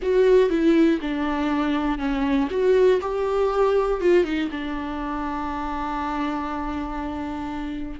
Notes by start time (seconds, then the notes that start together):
0.02 F#4
0.49 E4
1.01 D4
1.98 C#4
2.50 F#4
3.01 G4
4.00 F4
4.24 D#4
4.51 D4